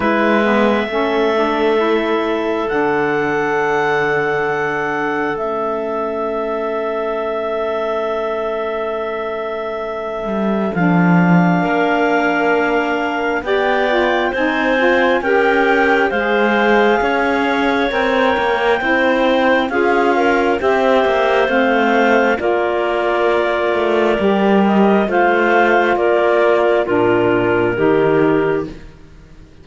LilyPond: <<
  \new Staff \with { instrumentName = "clarinet" } { \time 4/4 \tempo 4 = 67 e''2. fis''4~ | fis''2 e''2~ | e''1 | f''2. g''4 |
gis''4 g''4 f''2 | g''2 f''4 e''4 | f''4 d''2~ d''8 dis''8 | f''4 d''4 ais'2 | }
  \new Staff \with { instrumentName = "clarinet" } { \time 4/4 b'4 a'2.~ | a'1~ | a'1~ | a'4 ais'2 d''4 |
c''4 ais'4 c''4 cis''4~ | cis''4 c''4 gis'8 ais'8 c''4~ | c''4 ais'2. | c''4 ais'4 f'4 g'4 | }
  \new Staff \with { instrumentName = "saxophone" } { \time 4/4 e'8 b8 cis'8 d'8 e'4 d'4~ | d'2 cis'2~ | cis'1 | d'2. g'8 f'8 |
dis'8 f'8 g'4 gis'2 | ais'4 e'4 f'4 g'4 | c'4 f'2 g'4 | f'2 d'4 dis'4 | }
  \new Staff \with { instrumentName = "cello" } { \time 4/4 gis4 a2 d4~ | d2 a2~ | a2.~ a8 g8 | f4 ais2 b4 |
c'4 cis'4 gis4 cis'4 | c'8 ais8 c'4 cis'4 c'8 ais8 | a4 ais4. a8 g4 | a4 ais4 ais,4 dis4 | }
>>